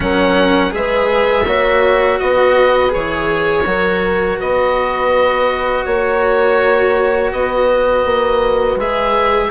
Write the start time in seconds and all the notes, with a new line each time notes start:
0.00 F#3 C#4 A#4 F#5
0.70 G#3 G#4 B4 E5
1.45 A#3 F#4 C#5
2.19 B3 B4 D#5
2.89 E3 G#4 C#5
3.65 F#3 F#4 A#4
4.38 B3 B4 D#5
5.85 A#3 C#5
7.32 B3 B4 D#5
8.04 A#3
8.75 G#3 G#4 E5